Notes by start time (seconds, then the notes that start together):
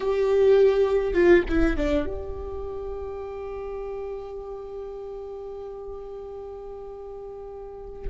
0.00 G4
1.13 F4
1.48 E4
1.76 D4
2.05 G4